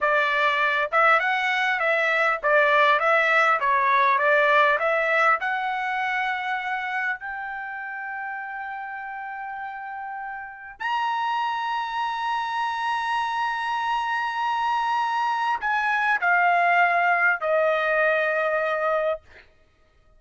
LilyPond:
\new Staff \with { instrumentName = "trumpet" } { \time 4/4 \tempo 4 = 100 d''4. e''8 fis''4 e''4 | d''4 e''4 cis''4 d''4 | e''4 fis''2. | g''1~ |
g''2 ais''2~ | ais''1~ | ais''2 gis''4 f''4~ | f''4 dis''2. | }